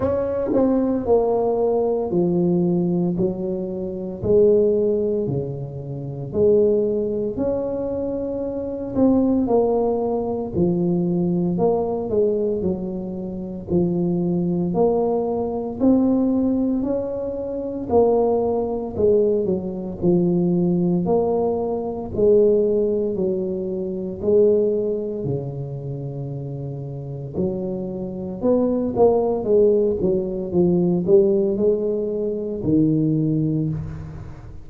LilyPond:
\new Staff \with { instrumentName = "tuba" } { \time 4/4 \tempo 4 = 57 cis'8 c'8 ais4 f4 fis4 | gis4 cis4 gis4 cis'4~ | cis'8 c'8 ais4 f4 ais8 gis8 | fis4 f4 ais4 c'4 |
cis'4 ais4 gis8 fis8 f4 | ais4 gis4 fis4 gis4 | cis2 fis4 b8 ais8 | gis8 fis8 f8 g8 gis4 dis4 | }